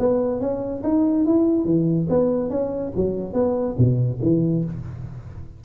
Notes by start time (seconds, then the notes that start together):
0.00 B3
0.41 C#4
0.84 D#4
1.26 E4
1.65 E3
2.10 B3
2.51 C#4
2.96 F#3
3.34 B3
3.79 B2
4.23 E3